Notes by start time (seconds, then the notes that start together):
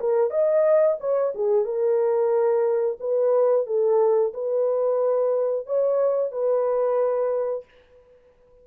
0.00 A#4
0.31 D#5
1.00 C#5
1.35 G#4
1.65 A#4
3.00 B4
3.66 A4
4.34 B4
5.66 C#5
6.32 B4